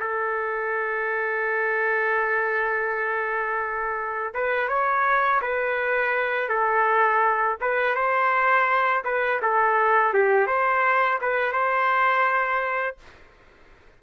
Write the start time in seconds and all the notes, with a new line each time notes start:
0.00 A4
4.34 B4
4.68 C#5
5.42 B4
6.49 A4
7.61 B4
7.95 C5
9.04 B4
9.42 A4
10.13 G4
10.47 C5
11.21 B4
11.52 C5